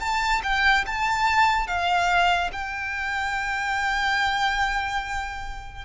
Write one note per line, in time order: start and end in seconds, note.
0.00 0.42 A5
0.43 0.85 G5
0.86 1.67 A5
1.67 2.51 F5
2.53 5.85 G5